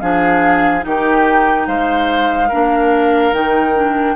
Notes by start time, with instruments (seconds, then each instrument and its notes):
0.00 bassoon F3, clarinet D4, oboe G#4, flute F5
0.81 bassoon D#3, clarinet D#4, oboe G4, flute G5
1.67 bassoon G#3, oboe C5, flute F5
2.48 bassoon A#3, clarinet D4, oboe A#4
3.32 bassoon D#3, clarinet D#4, flute G5
3.74 clarinet D4